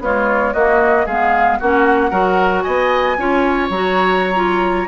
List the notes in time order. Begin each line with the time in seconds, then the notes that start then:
0.00 G#3 B3 F4 C#5
0.53 A#3 F#4 D#5
1.05 G#3 B3 G#4 F5
1.59 A#3 C#4 F#4 F#5
2.11 F#3 F#4 A#4
2.62 B3 D#5 G#5
3.18 C#4 F4 C#5
3.70 F#3 F#4 A#5
4.34 F4